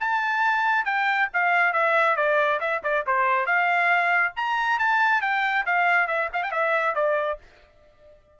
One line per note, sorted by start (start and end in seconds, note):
0.00 0.85 A5
0.85 1.28 G5
1.33 1.73 F5
1.73 2.16 E5
2.16 2.59 D5
2.60 2.82 E5
2.83 3.05 D5
3.06 3.46 C5
3.46 4.33 F5
4.36 4.79 A#5
4.79 5.21 A5
5.21 5.64 G5
5.65 6.07 F5
6.07 6.29 E5
6.33 6.43 F5
6.43 6.51 G5
6.51 6.94 E5
6.95 7.38 D5